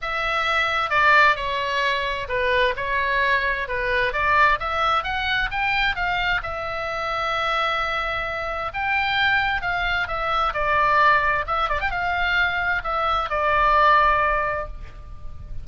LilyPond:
\new Staff \with { instrumentName = "oboe" } { \time 4/4 \tempo 4 = 131 e''2 d''4 cis''4~ | cis''4 b'4 cis''2 | b'4 d''4 e''4 fis''4 | g''4 f''4 e''2~ |
e''2. g''4~ | g''4 f''4 e''4 d''4~ | d''4 e''8 d''16 g''16 f''2 | e''4 d''2. | }